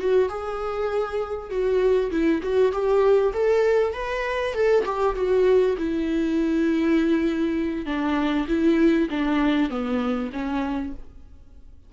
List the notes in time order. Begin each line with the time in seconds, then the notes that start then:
0.00 F#4
0.29 G#4
1.50 F#4
2.11 E4
2.42 F#4
2.72 G4
3.34 A4
3.94 B4
4.54 A4
4.85 G4
5.15 F#4
5.77 E4
7.86 D4
8.48 E4
9.10 D4
9.70 B3
10.33 C#4